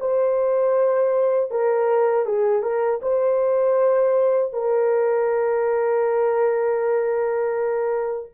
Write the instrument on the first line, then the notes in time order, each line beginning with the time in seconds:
horn
0.00 C5
1.51 A#4
2.25 G#4
2.62 A#4
3.02 C5
4.53 A#4